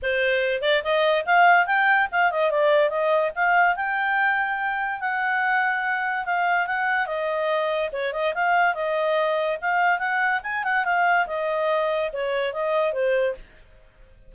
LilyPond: \new Staff \with { instrumentName = "clarinet" } { \time 4/4 \tempo 4 = 144 c''4. d''8 dis''4 f''4 | g''4 f''8 dis''8 d''4 dis''4 | f''4 g''2. | fis''2. f''4 |
fis''4 dis''2 cis''8 dis''8 | f''4 dis''2 f''4 | fis''4 gis''8 fis''8 f''4 dis''4~ | dis''4 cis''4 dis''4 c''4 | }